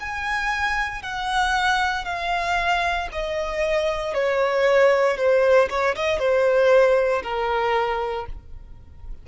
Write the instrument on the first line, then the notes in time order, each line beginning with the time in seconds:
violin
0.00 G#5
1.03 F#5
2.05 F5
3.12 D#5
4.14 C#5
5.18 C5
5.70 C#5
5.96 D#5
6.19 C5
7.23 A#4